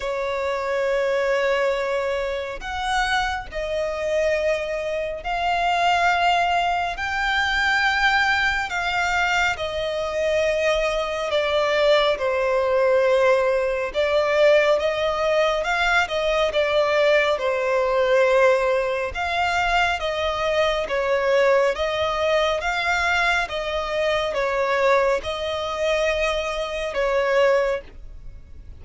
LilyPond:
\new Staff \with { instrumentName = "violin" } { \time 4/4 \tempo 4 = 69 cis''2. fis''4 | dis''2 f''2 | g''2 f''4 dis''4~ | dis''4 d''4 c''2 |
d''4 dis''4 f''8 dis''8 d''4 | c''2 f''4 dis''4 | cis''4 dis''4 f''4 dis''4 | cis''4 dis''2 cis''4 | }